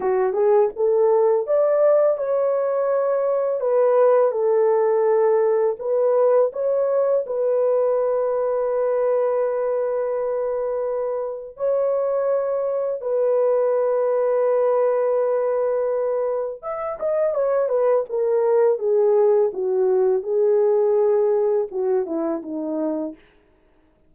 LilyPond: \new Staff \with { instrumentName = "horn" } { \time 4/4 \tempo 4 = 83 fis'8 gis'8 a'4 d''4 cis''4~ | cis''4 b'4 a'2 | b'4 cis''4 b'2~ | b'1 |
cis''2 b'2~ | b'2. e''8 dis''8 | cis''8 b'8 ais'4 gis'4 fis'4 | gis'2 fis'8 e'8 dis'4 | }